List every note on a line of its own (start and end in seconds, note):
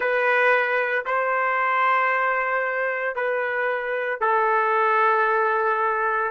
0.00 1.04 B4
1.05 3.15 C5
3.15 4.20 B4
4.20 6.30 A4